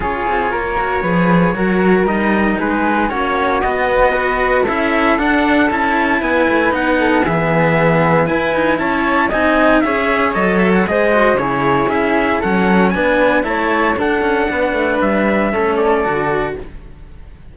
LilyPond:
<<
  \new Staff \with { instrumentName = "trumpet" } { \time 4/4 \tempo 4 = 116 cis''1 | dis''4 b'4 cis''4 dis''4~ | dis''4 e''4 fis''4 a''4 | gis''4 fis''4 e''2 |
gis''4 a''4 gis''4 e''4 | dis''8 e''16 fis''16 dis''4 cis''4 e''4 | fis''4 gis''4 a''4 fis''4~ | fis''4 e''4. d''4. | }
  \new Staff \with { instrumentName = "flute" } { \time 4/4 gis'4 ais'4 b'4 ais'4~ | ais'4 gis'4 fis'2 | b'4 a'2. | b'4. a'8 gis'2 |
b'4 cis''4 dis''4 cis''4~ | cis''4 c''4 gis'2 | a'4 b'4 cis''4 a'4 | b'2 a'2 | }
  \new Staff \with { instrumentName = "cello" } { \time 4/4 f'4. fis'8 gis'4 fis'4 | dis'2 cis'4 b4 | fis'4 e'4 d'4 e'4~ | e'4 dis'4 b2 |
e'2 dis'4 gis'4 | a'4 gis'8 fis'8 e'2 | cis'4 d'4 e'4 d'4~ | d'2 cis'4 fis'4 | }
  \new Staff \with { instrumentName = "cello" } { \time 4/4 cis'8 c'8 ais4 f4 fis4 | g4 gis4 ais4 b4~ | b4 cis'4 d'4 cis'4 | b8 a8 b4 e2 |
e'8 dis'8 cis'4 c'4 cis'4 | fis4 gis4 cis4 cis'4 | fis4 b4 a4 d'8 cis'8 | b8 a8 g4 a4 d4 | }
>>